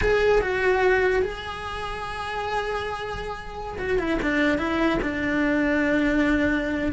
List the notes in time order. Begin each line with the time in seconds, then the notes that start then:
0.01 G#4
0.41 F#4
1.22 G#4
3.78 F#4
3.99 E4
4.22 D4
4.58 E4
5.02 D4